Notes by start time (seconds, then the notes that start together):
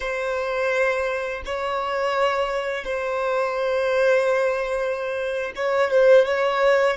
0.00 C5
1.45 C#5
2.84 C5
5.55 C#5
5.91 C5
6.25 C#5